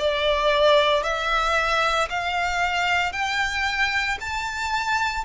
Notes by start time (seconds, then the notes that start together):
0.00 D5
1.04 E5
2.10 F5
3.13 G5
4.21 A5